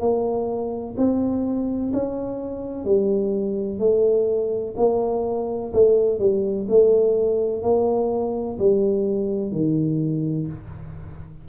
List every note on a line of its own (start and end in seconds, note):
0.00 0.95 A#3
0.97 1.92 C4
1.94 2.85 C#4
2.85 3.79 G3
3.79 4.74 A3
4.77 5.72 A#3
5.73 6.19 A3
6.19 6.67 G3
6.69 7.62 A3
7.62 8.58 A#3
8.59 9.52 G3
9.52 10.47 D#3